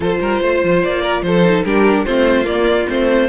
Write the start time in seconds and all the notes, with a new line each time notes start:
0.00 F3 F4 A4 C5
0.20 G3 A#4
0.41 A3 C5
0.63 F3
0.82 A#3 D5
1.01 A#4
1.21 F3 A4 C5
1.44 D#4
1.64 G3 D4 G4 A#4
2.04 A3 C4 F4 C5
2.44 A#3 D5
2.87 A3 C4 C5